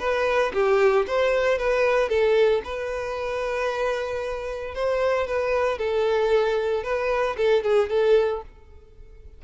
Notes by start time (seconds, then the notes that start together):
0.00 B4
0.54 G4
1.07 C5
1.59 B4
2.10 A4
2.65 B4
4.75 C5
5.28 B4
5.79 A4
6.84 B4
7.38 A4
7.64 G#4
7.90 A4